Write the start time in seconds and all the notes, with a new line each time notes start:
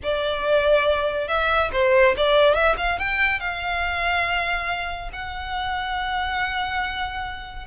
0.03 D5
1.28 E5
1.72 C5
2.17 D5
2.54 E5
2.77 F5
2.98 G5
3.40 F5
5.12 F#5